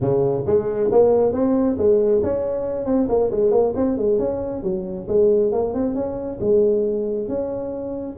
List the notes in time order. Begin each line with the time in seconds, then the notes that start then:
0.00 C#3
0.46 G#3
0.91 A#3
1.32 C4
1.77 G#3
2.23 C#4
2.85 C4
3.08 A#3
3.31 G#3
3.51 A#3
3.75 C4
3.97 G#3
4.18 C#4
4.63 F#3
5.08 G#3
5.51 A#3
5.74 C4
5.94 C#4
6.40 G#3
7.28 C#4